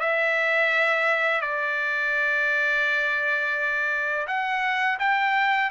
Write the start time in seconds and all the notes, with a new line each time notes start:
0.00 E5
1.41 D5
4.27 F#5
4.99 G5